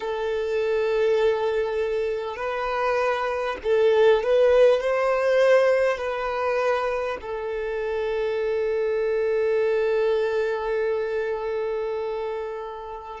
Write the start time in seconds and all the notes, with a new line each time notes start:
0.00 A4
2.36 B4
3.63 A4
4.23 B4
4.81 C5
5.97 B4
7.21 A4